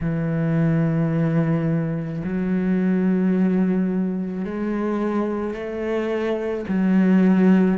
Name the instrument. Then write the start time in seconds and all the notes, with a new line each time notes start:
cello
0.00 E3
2.24 F#3
4.44 G#3
5.54 A3
6.68 F#3